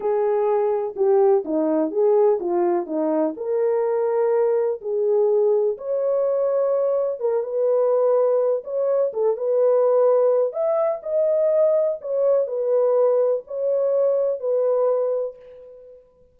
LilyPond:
\new Staff \with { instrumentName = "horn" } { \time 4/4 \tempo 4 = 125 gis'2 g'4 dis'4 | gis'4 f'4 dis'4 ais'4~ | ais'2 gis'2 | cis''2. ais'8 b'8~ |
b'2 cis''4 a'8 b'8~ | b'2 e''4 dis''4~ | dis''4 cis''4 b'2 | cis''2 b'2 | }